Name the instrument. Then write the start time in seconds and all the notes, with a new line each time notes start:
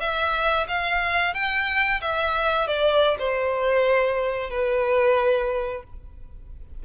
violin
0.00 E5
0.68 F5
1.34 G5
2.01 E5
2.67 D5
3.19 C5
4.50 B4